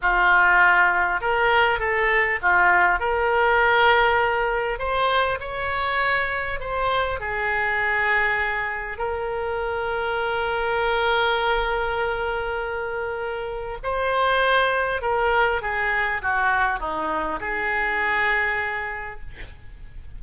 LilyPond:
\new Staff \with { instrumentName = "oboe" } { \time 4/4 \tempo 4 = 100 f'2 ais'4 a'4 | f'4 ais'2. | c''4 cis''2 c''4 | gis'2. ais'4~ |
ais'1~ | ais'2. c''4~ | c''4 ais'4 gis'4 fis'4 | dis'4 gis'2. | }